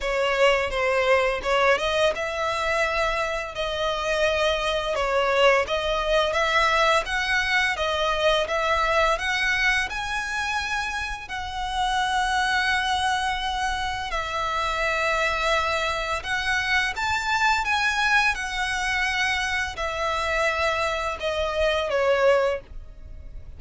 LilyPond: \new Staff \with { instrumentName = "violin" } { \time 4/4 \tempo 4 = 85 cis''4 c''4 cis''8 dis''8 e''4~ | e''4 dis''2 cis''4 | dis''4 e''4 fis''4 dis''4 | e''4 fis''4 gis''2 |
fis''1 | e''2. fis''4 | a''4 gis''4 fis''2 | e''2 dis''4 cis''4 | }